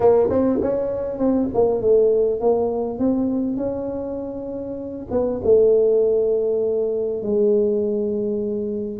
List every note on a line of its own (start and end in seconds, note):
0.00 0.29 A#3
0.29 0.59 C4
0.61 1.18 C#4
1.18 1.48 C4
1.54 1.81 A#3
1.81 2.40 A3
2.40 2.98 A#3
2.98 3.56 C4
3.56 5.06 C#4
5.10 5.40 B3
5.44 7.22 A3
7.22 8.99 G#3